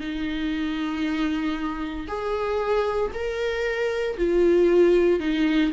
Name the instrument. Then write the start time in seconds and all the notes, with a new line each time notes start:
viola
0.00 D#4
2.08 G#4
3.13 A#4
4.17 F4
5.20 D#4